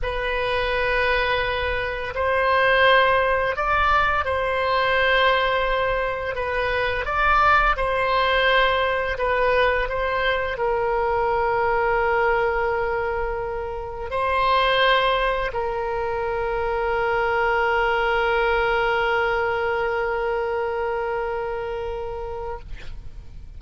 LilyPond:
\new Staff \with { instrumentName = "oboe" } { \time 4/4 \tempo 4 = 85 b'2. c''4~ | c''4 d''4 c''2~ | c''4 b'4 d''4 c''4~ | c''4 b'4 c''4 ais'4~ |
ais'1 | c''2 ais'2~ | ais'1~ | ais'1 | }